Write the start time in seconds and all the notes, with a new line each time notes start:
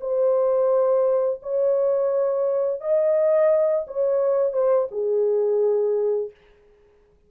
0.00 C5
1.42 C#5
2.80 D#5
3.87 C#5
4.53 C5
4.91 G#4